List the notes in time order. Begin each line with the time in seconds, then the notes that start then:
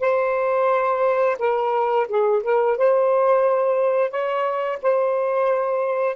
0.00 C5
1.39 A#4
2.08 G#4
2.43 A#4
2.77 C5
4.10 C#5
4.82 C5